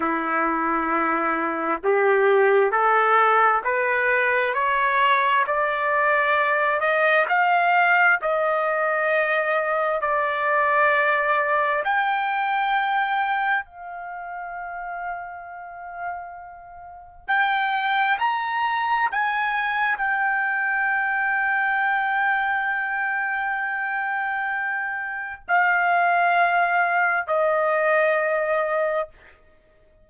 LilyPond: \new Staff \with { instrumentName = "trumpet" } { \time 4/4 \tempo 4 = 66 e'2 g'4 a'4 | b'4 cis''4 d''4. dis''8 | f''4 dis''2 d''4~ | d''4 g''2 f''4~ |
f''2. g''4 | ais''4 gis''4 g''2~ | g''1 | f''2 dis''2 | }